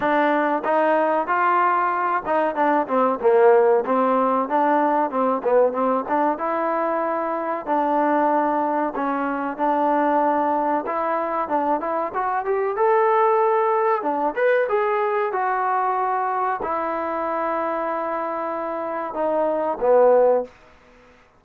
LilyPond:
\new Staff \with { instrumentName = "trombone" } { \time 4/4 \tempo 4 = 94 d'4 dis'4 f'4. dis'8 | d'8 c'8 ais4 c'4 d'4 | c'8 b8 c'8 d'8 e'2 | d'2 cis'4 d'4~ |
d'4 e'4 d'8 e'8 fis'8 g'8 | a'2 d'8 b'8 gis'4 | fis'2 e'2~ | e'2 dis'4 b4 | }